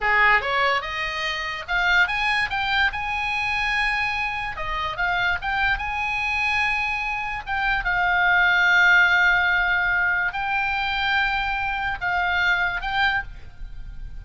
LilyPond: \new Staff \with { instrumentName = "oboe" } { \time 4/4 \tempo 4 = 145 gis'4 cis''4 dis''2 | f''4 gis''4 g''4 gis''4~ | gis''2. dis''4 | f''4 g''4 gis''2~ |
gis''2 g''4 f''4~ | f''1~ | f''4 g''2.~ | g''4 f''2 g''4 | }